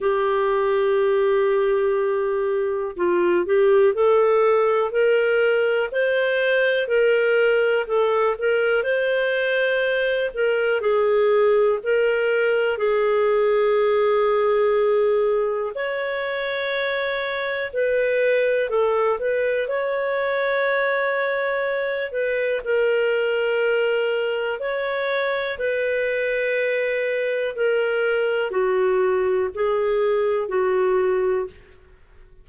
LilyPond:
\new Staff \with { instrumentName = "clarinet" } { \time 4/4 \tempo 4 = 61 g'2. f'8 g'8 | a'4 ais'4 c''4 ais'4 | a'8 ais'8 c''4. ais'8 gis'4 | ais'4 gis'2. |
cis''2 b'4 a'8 b'8 | cis''2~ cis''8 b'8 ais'4~ | ais'4 cis''4 b'2 | ais'4 fis'4 gis'4 fis'4 | }